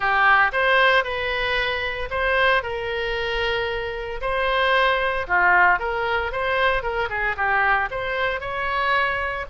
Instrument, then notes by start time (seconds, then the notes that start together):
oboe
0.00 G4
0.52 C5
1.04 B4
2.10 C5
2.62 A#4
4.21 C5
5.27 F4
5.79 A#4
6.32 C5
6.82 A#4
7.09 G#4
7.36 G4
7.90 C5
8.40 C#5